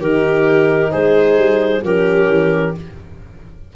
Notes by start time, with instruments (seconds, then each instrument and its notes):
0.00 tuba D#3, horn D#4, viola G4, clarinet A#4
0.92 tuba G#3, viola G#4, clarinet C5
1.37 tuba G3
1.83 tuba F3, horn C#4, viola G4, clarinet A#4
2.28 tuba E3